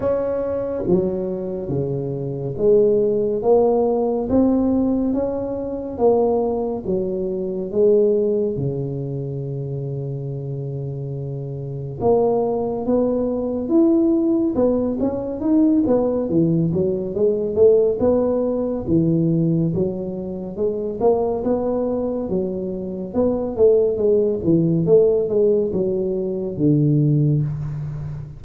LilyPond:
\new Staff \with { instrumentName = "tuba" } { \time 4/4 \tempo 4 = 70 cis'4 fis4 cis4 gis4 | ais4 c'4 cis'4 ais4 | fis4 gis4 cis2~ | cis2 ais4 b4 |
e'4 b8 cis'8 dis'8 b8 e8 fis8 | gis8 a8 b4 e4 fis4 | gis8 ais8 b4 fis4 b8 a8 | gis8 e8 a8 gis8 fis4 d4 | }